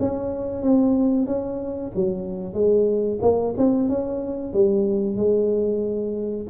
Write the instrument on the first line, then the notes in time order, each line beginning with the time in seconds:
tuba
0.00 C#4
0.63 C4
1.27 C#4
1.96 F#3
2.54 G#3
3.22 A#3
3.58 C4
3.89 C#4
4.54 G3
5.17 G#3